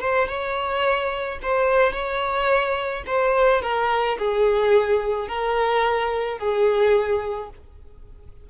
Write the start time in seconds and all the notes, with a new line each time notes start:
0.00 C5
0.28 C#5
1.42 C5
1.92 C#5
3.06 C5
3.62 A#4
4.18 G#4
5.28 A#4
6.38 G#4